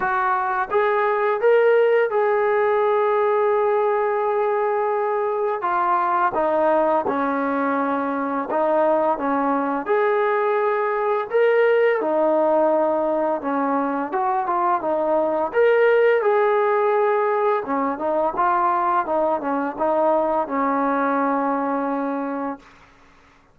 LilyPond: \new Staff \with { instrumentName = "trombone" } { \time 4/4 \tempo 4 = 85 fis'4 gis'4 ais'4 gis'4~ | gis'1 | f'4 dis'4 cis'2 | dis'4 cis'4 gis'2 |
ais'4 dis'2 cis'4 | fis'8 f'8 dis'4 ais'4 gis'4~ | gis'4 cis'8 dis'8 f'4 dis'8 cis'8 | dis'4 cis'2. | }